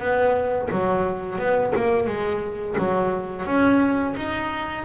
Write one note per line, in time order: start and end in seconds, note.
0.00 0.69 B3
0.71 1.39 F#3
1.39 1.73 B3
1.76 2.08 A#3
2.08 2.76 G#3
2.78 3.46 F#3
3.46 4.15 C#4
4.17 4.85 D#4